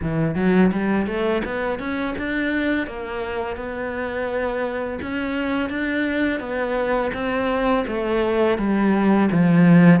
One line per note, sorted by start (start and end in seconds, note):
0.02 0.35 E3
0.35 0.71 F#3
0.71 1.06 G3
1.06 1.42 A3
1.44 1.79 B3
1.79 2.14 C#4
2.18 2.86 D4
2.86 3.56 A#3
3.56 4.99 B3
5.02 5.69 C#4
5.69 6.39 D4
6.39 7.11 B3
7.13 7.84 C4
7.87 8.57 A3
8.57 9.29 G3
9.31 10.00 F3